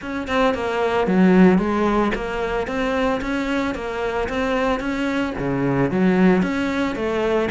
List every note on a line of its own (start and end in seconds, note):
0.01 0.27 C#4
0.27 0.54 C4
0.54 1.07 A#3
1.07 1.58 F#3
1.58 2.12 G#3
2.14 2.67 A#3
2.67 3.20 C4
3.21 3.74 C#4
3.75 4.28 A#3
4.28 4.79 C4
4.79 5.33 C#4
5.38 5.90 C#3
5.90 6.42 F#3
6.42 6.95 C#4
6.95 7.49 A3